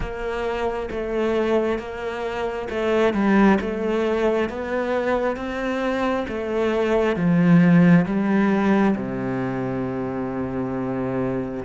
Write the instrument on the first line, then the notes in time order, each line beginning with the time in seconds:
cello
0.00 A#3
0.90 A3
1.79 A#3
2.69 A3
3.13 G3
3.60 A3
4.49 B3
5.36 C4
6.28 A3
7.16 F3
8.05 G3
8.95 C3